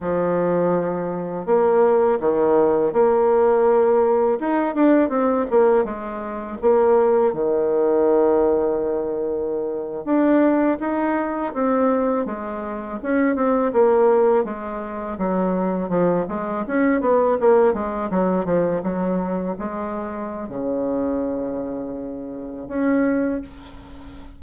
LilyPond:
\new Staff \with { instrumentName = "bassoon" } { \time 4/4 \tempo 4 = 82 f2 ais4 dis4 | ais2 dis'8 d'8 c'8 ais8 | gis4 ais4 dis2~ | dis4.~ dis16 d'4 dis'4 c'16~ |
c'8. gis4 cis'8 c'8 ais4 gis16~ | gis8. fis4 f8 gis8 cis'8 b8 ais16~ | ais16 gis8 fis8 f8 fis4 gis4~ gis16 | cis2. cis'4 | }